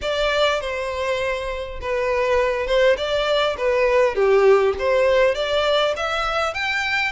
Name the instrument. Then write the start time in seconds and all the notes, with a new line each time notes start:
violin
0.01 D5
0.60 C5
1.81 B4
2.66 C5
2.97 D5
3.57 B4
4.15 G4
4.78 C5
5.35 D5
5.96 E5
6.54 G5